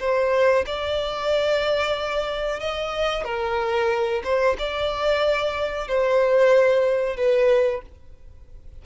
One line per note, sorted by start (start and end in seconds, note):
0.00 0.65 C5
0.66 2.60 D5
2.60 3.25 D#5
3.25 4.22 A#4
4.24 4.57 C5
4.59 5.88 D5
5.88 7.17 C5
7.17 7.82 B4